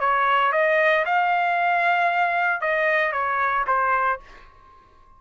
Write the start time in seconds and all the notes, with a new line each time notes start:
0.00 C#5
0.52 D#5
1.06 F5
2.61 D#5
3.12 C#5
3.67 C5